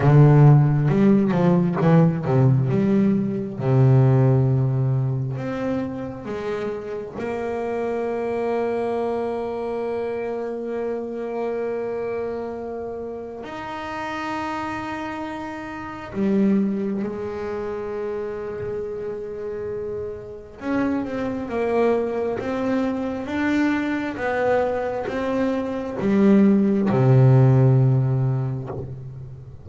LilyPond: \new Staff \with { instrumentName = "double bass" } { \time 4/4 \tempo 4 = 67 d4 g8 f8 e8 c8 g4 | c2 c'4 gis4 | ais1~ | ais2. dis'4~ |
dis'2 g4 gis4~ | gis2. cis'8 c'8 | ais4 c'4 d'4 b4 | c'4 g4 c2 | }